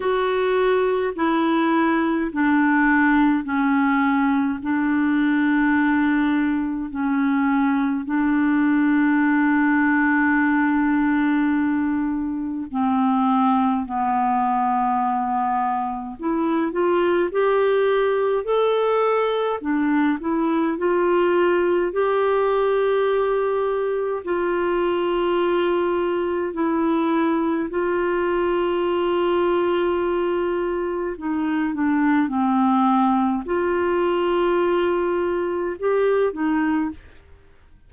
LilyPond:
\new Staff \with { instrumentName = "clarinet" } { \time 4/4 \tempo 4 = 52 fis'4 e'4 d'4 cis'4 | d'2 cis'4 d'4~ | d'2. c'4 | b2 e'8 f'8 g'4 |
a'4 d'8 e'8 f'4 g'4~ | g'4 f'2 e'4 | f'2. dis'8 d'8 | c'4 f'2 g'8 dis'8 | }